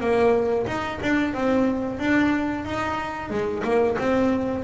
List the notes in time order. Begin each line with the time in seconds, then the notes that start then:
0.00 A#3
0.66 D#4
1.02 D4
1.33 C4
1.99 D4
2.65 D#4
3.30 G#3
3.64 A#3
3.98 C4